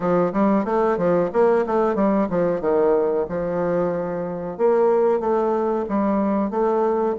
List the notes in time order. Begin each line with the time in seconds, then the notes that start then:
0.00 F3
0.32 G3
0.64 A3
0.97 F3
1.32 A#3
1.66 A3
1.95 G3
2.29 F3
2.61 D#3
3.28 F3
4.57 A#3
5.20 A3
5.88 G3
6.50 A3